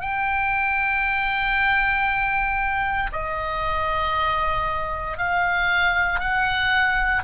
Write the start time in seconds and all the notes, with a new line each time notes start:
0.00 G5
3.12 D#5
5.17 F5
6.19 F#5